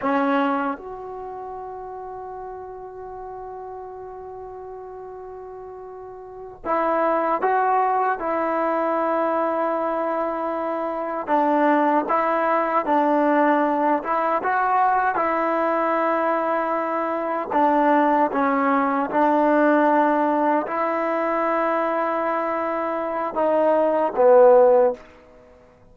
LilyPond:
\new Staff \with { instrumentName = "trombone" } { \time 4/4 \tempo 4 = 77 cis'4 fis'2.~ | fis'1~ | fis'8 e'4 fis'4 e'4.~ | e'2~ e'8 d'4 e'8~ |
e'8 d'4. e'8 fis'4 e'8~ | e'2~ e'8 d'4 cis'8~ | cis'8 d'2 e'4.~ | e'2 dis'4 b4 | }